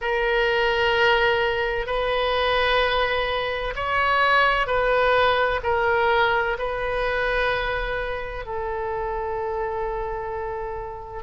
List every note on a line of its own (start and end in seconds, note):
0.01 1.86 A#4
1.86 3.74 B4
3.75 4.66 C#5
4.66 5.60 B4
5.63 6.57 A#4
6.58 8.45 B4
8.45 11.22 A4